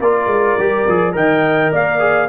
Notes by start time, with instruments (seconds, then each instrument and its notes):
0.00 tuba A#3, trombone F4, horn A#4, trumpet D5
0.27 tuba G#3
0.58 tuba G3, trombone G4
0.87 tuba F3, trombone G#4
1.12 tuba D#3, trombone A#4, horn D#5, trumpet G5
1.72 tuba A#3, horn D5, trumpet F5
2.00 trombone G#4